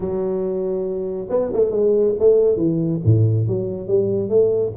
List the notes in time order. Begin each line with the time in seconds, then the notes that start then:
0.00 F#3
1.29 B3
1.53 A3
1.70 G#3
2.19 A3
2.56 E3
3.04 A2
3.47 F#3
3.87 G3
4.29 A3